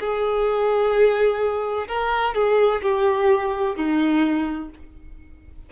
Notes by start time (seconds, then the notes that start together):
0.00 G#4
1.88 A#4
2.35 G#4
2.83 G4
3.76 D#4